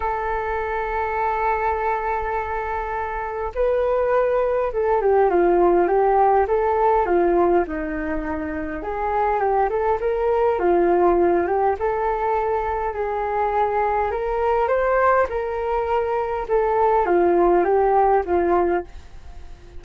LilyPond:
\new Staff \with { instrumentName = "flute" } { \time 4/4 \tempo 4 = 102 a'1~ | a'2 b'2 | a'8 g'8 f'4 g'4 a'4 | f'4 dis'2 gis'4 |
g'8 a'8 ais'4 f'4. g'8 | a'2 gis'2 | ais'4 c''4 ais'2 | a'4 f'4 g'4 f'4 | }